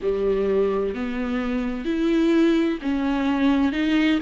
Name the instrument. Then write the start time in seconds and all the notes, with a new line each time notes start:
viola
0.02 G3
0.94 B3
1.85 E4
2.82 C#4
3.72 D#4